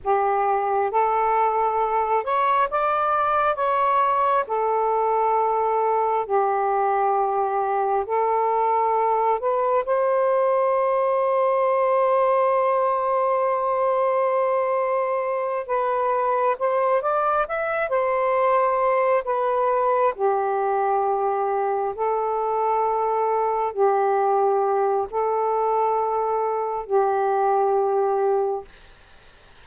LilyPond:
\new Staff \with { instrumentName = "saxophone" } { \time 4/4 \tempo 4 = 67 g'4 a'4. cis''8 d''4 | cis''4 a'2 g'4~ | g'4 a'4. b'8 c''4~ | c''1~ |
c''4. b'4 c''8 d''8 e''8 | c''4. b'4 g'4.~ | g'8 a'2 g'4. | a'2 g'2 | }